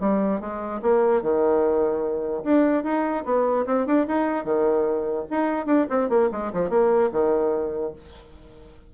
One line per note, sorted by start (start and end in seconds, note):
0.00 0.40 G3
0.40 0.81 G#3
0.82 1.22 A#3
1.22 2.43 D#3
2.44 2.84 D4
2.84 3.24 D#4
3.25 3.65 B3
3.66 3.86 C4
3.86 4.07 D4
4.08 4.44 D#4
4.44 5.25 D#3
5.30 5.66 D#4
5.66 5.86 D4
5.89 6.09 C4
6.09 6.29 A#3
6.32 6.52 G#3
6.53 6.69 F3
6.69 7.10 A#3
7.12 7.93 D#3